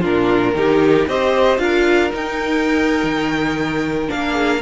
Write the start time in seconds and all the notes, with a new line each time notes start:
0.00 A#2 D4 F4 A#4
0.54 D#3 D#4 G4
1.07 C4 G4 C5 D#5
1.58 D4 F4 A#4 F5
2.09 D#4 G5
3.03 D#3
4.08 A#3 D4 F5
4.32 G#4